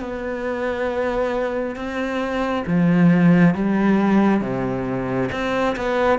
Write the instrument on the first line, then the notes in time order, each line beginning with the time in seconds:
cello
0.00 B3
1.75 C4
2.66 F3
3.54 G3
4.40 C3
5.31 C4
5.76 B3